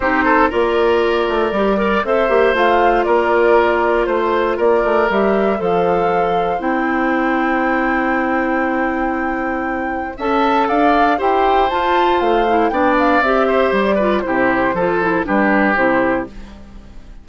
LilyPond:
<<
  \new Staff \with { instrumentName = "flute" } { \time 4/4 \tempo 4 = 118 c''4 d''2. | e''4 f''4 d''2 | c''4 d''4 e''4 f''4~ | f''4 g''2.~ |
g''1 | a''4 f''4 g''4 a''4 | f''4 g''8 f''8 e''4 d''4 | c''2 b'4 c''4 | }
  \new Staff \with { instrumentName = "oboe" } { \time 4/4 g'8 a'8 ais'2~ ais'8 d''8 | c''2 ais'2 | c''4 ais'2 c''4~ | c''1~ |
c''1 | e''4 d''4 c''2~ | c''4 d''4. c''4 b'8 | g'4 a'4 g'2 | }
  \new Staff \with { instrumentName = "clarinet" } { \time 4/4 dis'4 f'2 g'8 ais'8 | a'8 g'8 f'2.~ | f'2 g'4 a'4~ | a'4 e'2.~ |
e'1 | a'2 g'4 f'4~ | f'8 e'8 d'4 g'4. f'8 | e'4 f'8 e'8 d'4 e'4 | }
  \new Staff \with { instrumentName = "bassoon" } { \time 4/4 c'4 ais4. a8 g4 | c'8 ais8 a4 ais2 | a4 ais8 a8 g4 f4~ | f4 c'2.~ |
c'1 | cis'4 d'4 e'4 f'4 | a4 b4 c'4 g4 | c4 f4 g4 c4 | }
>>